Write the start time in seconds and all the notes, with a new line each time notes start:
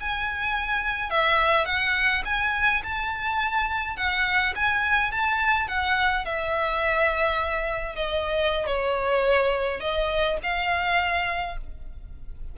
0.00 G#5
1.10 E5
1.65 F#5
2.25 G#5
2.83 A5
3.96 F#5
4.55 G#5
5.11 A5
5.68 F#5
6.25 E5
7.95 D#5
8.66 C#5
9.80 D#5
10.43 F5